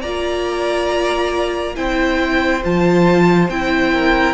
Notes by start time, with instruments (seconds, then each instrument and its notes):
0.00 cello A#3, viola F4, violin D5 A#5
1.75 cello C4, viola E4, violin C5 G5
2.63 cello F3, viola F4, violin A5
3.49 cello C4, viola E4, violin G5
3.93 violin A#4